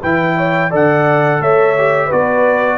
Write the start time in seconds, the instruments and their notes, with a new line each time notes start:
0.00 tuba E3, trombone E4, horn B4, trumpet G5
0.36 horn C#5
0.70 tuba D3, trombone A4, horn D5, trumpet F#5
1.40 tuba A3, horn C#5, trumpet E5
1.77 trombone G4
2.06 trombone F#4, horn B4, trumpet D5
2.12 tuba B3